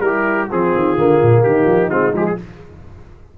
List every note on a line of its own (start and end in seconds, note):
0.00 0.47 G3
0.00 0.49 E4
0.00 0.50 G4
0.00 0.47 A#4
0.50 0.74 F3
0.50 0.97 C4
0.50 1.41 F4
0.50 1.43 G#4
0.74 0.97 D#3
0.97 1.21 D3
0.97 1.89 A#3
1.21 1.45 A#2
1.41 1.64 D#3
1.41 2.35 D#4
1.41 1.89 G4
1.64 1.88 F3
1.89 2.13 G#3
1.89 2.12 C4
1.89 2.13 F4
2.13 2.37 F3
2.13 2.37 G#3
2.13 2.26 G4
2.26 2.37 G#4